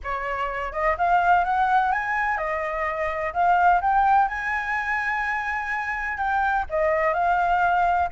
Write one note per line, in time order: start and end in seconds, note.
0.03 0.72 C#5
0.72 0.96 D#5
0.97 1.44 F5
1.44 1.92 F#5
1.92 2.37 G#5
2.37 3.32 D#5
3.33 3.80 F5
3.81 4.28 G5
4.28 6.17 G#5
6.17 6.65 G5
6.69 7.13 D#5
7.13 8.08 F5